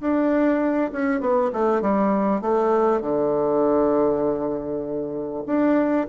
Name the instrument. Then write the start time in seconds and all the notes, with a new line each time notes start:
bassoon
0.00 D4
0.92 C#4
1.20 B3
1.52 A3
1.81 G3
2.41 A3
3.01 D3
5.46 D4